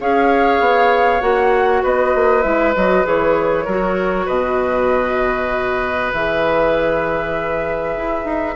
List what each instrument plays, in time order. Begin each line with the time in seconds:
0.00 bassoon C#4, clarinet G#4, oboe C#5, flute F5
0.60 bassoon B3
1.21 bassoon A#3, clarinet F#4, flute F#5
1.83 bassoon B3, oboe B4, flute D#5
2.15 bassoon A#3
2.43 bassoon G#3, clarinet E4, flute E5
2.76 bassoon F#3, clarinet F#4, flute D#5
3.04 bassoon E3, clarinet G#4, flute C#5
3.65 bassoon F#3, clarinet F#4, oboe A#4
4.26 bassoon B2, oboe B4, flute D#5
6.12 bassoon E3, clarinet G#4, flute E5
7.97 bassoon E4
8.25 bassoon D#4